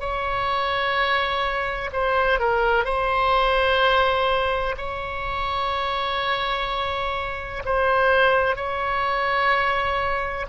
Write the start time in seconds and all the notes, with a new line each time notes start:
0.00 C#5
1.93 C5
2.39 A#4
2.85 C5
4.77 C#5
7.65 C5
8.56 C#5